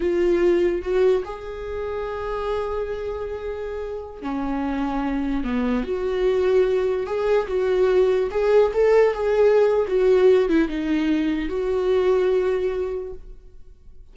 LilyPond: \new Staff \with { instrumentName = "viola" } { \time 4/4 \tempo 4 = 146 f'2 fis'4 gis'4~ | gis'1~ | gis'2~ gis'16 cis'4.~ cis'16~ | cis'4~ cis'16 b4 fis'4.~ fis'16~ |
fis'4~ fis'16 gis'4 fis'4.~ fis'16~ | fis'16 gis'4 a'4 gis'4.~ gis'16 | fis'4. e'8 dis'2 | fis'1 | }